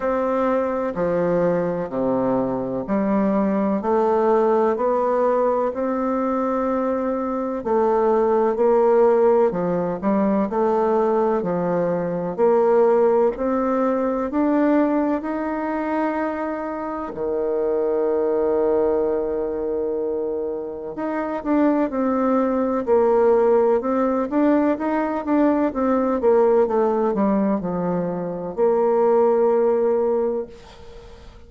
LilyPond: \new Staff \with { instrumentName = "bassoon" } { \time 4/4 \tempo 4 = 63 c'4 f4 c4 g4 | a4 b4 c'2 | a4 ais4 f8 g8 a4 | f4 ais4 c'4 d'4 |
dis'2 dis2~ | dis2 dis'8 d'8 c'4 | ais4 c'8 d'8 dis'8 d'8 c'8 ais8 | a8 g8 f4 ais2 | }